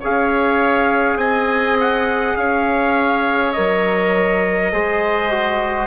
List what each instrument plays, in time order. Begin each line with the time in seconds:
0.00 bassoon C#4, trombone G#4, oboe C#5, trumpet F5
1.16 bassoon C4, oboe D#5, trumpet G#5
1.81 trumpet F#5
2.37 bassoon C#4, oboe C#5, trumpet F5
3.53 bassoon F#3, trombone A#4, trumpet D#5
4.73 bassoon G#3, trombone G#4, oboe C5
5.31 trombone F#4